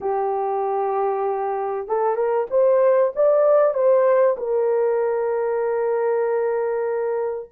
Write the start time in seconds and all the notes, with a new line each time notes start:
0.01 G4
1.88 A4
2.15 A#4
2.50 C5
3.15 D5
3.73 C5
4.37 A#4